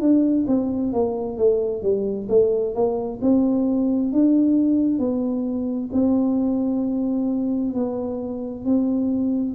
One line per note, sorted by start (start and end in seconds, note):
0.00 0.45 D4
0.47 0.93 C4
0.93 1.38 A#3
1.38 1.82 A3
1.82 2.28 G3
2.29 2.74 A3
2.74 3.20 A#3
3.21 4.12 C4
4.12 4.99 D4
4.99 5.90 B3
5.93 7.74 C4
7.74 8.65 B3
8.65 9.55 C4